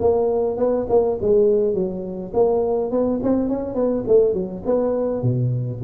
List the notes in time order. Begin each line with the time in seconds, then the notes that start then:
0.00 A#3
0.57 B3
0.89 A#3
1.21 G#3
1.74 F#3
2.34 A#3
2.91 B3
3.23 C4
3.49 C#4
3.75 B3
4.08 A3
4.34 F#3
4.66 B3
5.23 B2